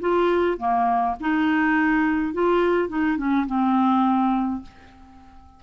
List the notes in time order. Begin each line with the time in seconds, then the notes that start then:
0.00 F4
0.58 A#3
1.20 D#4
2.33 F4
2.88 D#4
3.17 C#4
3.46 C4